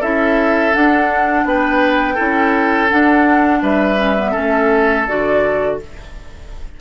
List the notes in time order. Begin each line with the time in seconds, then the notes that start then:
0.00 C#4 E4 A4 E5
0.73 D4 F#5
1.45 B3 B4 G5
2.14 C#4 E4 A4
2.89 D4 F#5
3.62 G3 B4 E5
3.97 C#4
4.18 B3
4.31 A3 C#4 A4
5.07 D3 F#4 D5